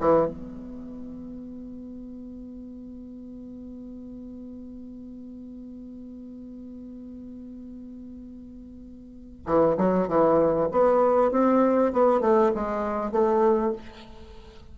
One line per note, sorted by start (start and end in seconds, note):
0.00 0.27 E3
0.27 9.45 B3
9.46 9.77 E3
9.77 10.08 F#3
10.08 10.69 E3
10.71 11.31 B3
11.31 11.92 C4
11.92 12.21 B3
12.21 12.51 A3
12.55 13.12 G#3
13.12 13.73 A3